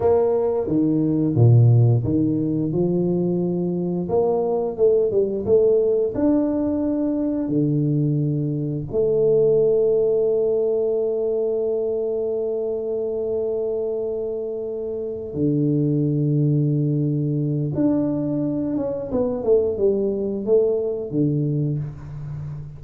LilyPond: \new Staff \with { instrumentName = "tuba" } { \time 4/4 \tempo 4 = 88 ais4 dis4 ais,4 dis4 | f2 ais4 a8 g8 | a4 d'2 d4~ | d4 a2.~ |
a1~ | a2~ a8 d4.~ | d2 d'4. cis'8 | b8 a8 g4 a4 d4 | }